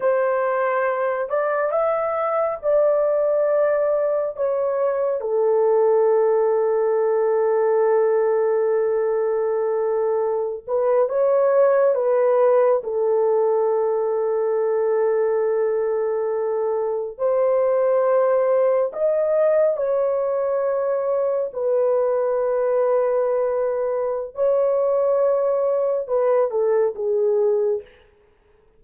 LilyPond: \new Staff \with { instrumentName = "horn" } { \time 4/4 \tempo 4 = 69 c''4. d''8 e''4 d''4~ | d''4 cis''4 a'2~ | a'1~ | a'16 b'8 cis''4 b'4 a'4~ a'16~ |
a'2.~ a'8. c''16~ | c''4.~ c''16 dis''4 cis''4~ cis''16~ | cis''8. b'2.~ b'16 | cis''2 b'8 a'8 gis'4 | }